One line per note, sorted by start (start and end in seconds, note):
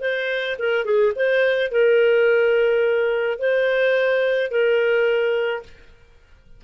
0.00 0.56 C5
0.58 0.85 A#4
0.85 1.13 G#4
1.15 1.71 C5
1.71 3.38 A#4
3.38 4.50 C5
4.50 5.63 A#4